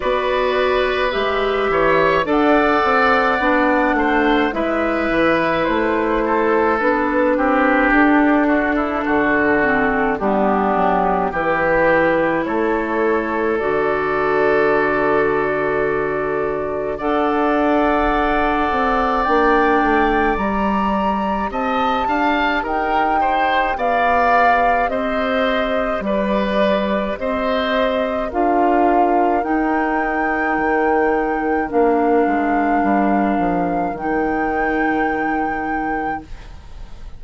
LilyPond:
<<
  \new Staff \with { instrumentName = "flute" } { \time 4/4 \tempo 4 = 53 d''4 e''4 fis''2 | e''4 c''4 b'4 a'4~ | a'4 g'4 b'4 cis''4 | d''2. fis''4~ |
fis''4 g''4 ais''4 a''4 | g''4 f''4 dis''4 d''4 | dis''4 f''4 g''2 | f''2 g''2 | }
  \new Staff \with { instrumentName = "oboe" } { \time 4/4 b'4. cis''8 d''4. c''8 | b'4. a'4 g'4 fis'16 e'16 | fis'4 d'4 g'4 a'4~ | a'2. d''4~ |
d''2. dis''8 f''8 | ais'8 c''8 d''4 c''4 b'4 | c''4 ais'2.~ | ais'1 | }
  \new Staff \with { instrumentName = "clarinet" } { \time 4/4 fis'4 g'4 a'4 d'4 | e'2 d'2~ | d'8 c'8 b4 e'2 | fis'2. a'4~ |
a'4 d'4 g'2~ | g'1~ | g'4 f'4 dis'2 | d'2 dis'2 | }
  \new Staff \with { instrumentName = "bassoon" } { \time 4/4 b4 gis8 e8 d'8 c'8 b8 a8 | gis8 e8 a4 b8 c'8 d'4 | d4 g8 fis8 e4 a4 | d2. d'4~ |
d'8 c'8 ais8 a8 g4 c'8 d'8 | dis'4 b4 c'4 g4 | c'4 d'4 dis'4 dis4 | ais8 gis8 g8 f8 dis2 | }
>>